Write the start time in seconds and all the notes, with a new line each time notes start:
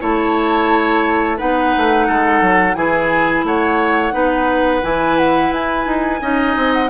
0.00 A3 E4 C#5 A5
1.38 B3 D#4 B4 F#5
1.77 A3
2.07 G#3 A4
2.42 F#3
2.75 E3 E4 G#4 G#5
3.44 A3 C#5 F#5
4.12 B3 D#4 B4
4.82 E3 E4 G#5
5.19 F#5
5.52 E4 G#5
5.86 D#4
6.21 C#4 D#4 D#5
6.56 C4
6.73 F#5